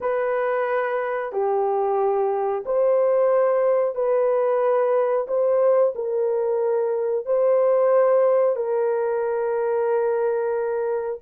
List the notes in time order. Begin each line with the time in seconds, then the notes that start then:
0.00 B4
1.32 G4
2.65 C5
3.95 B4
5.27 C5
5.95 A#4
7.25 C5
8.56 A#4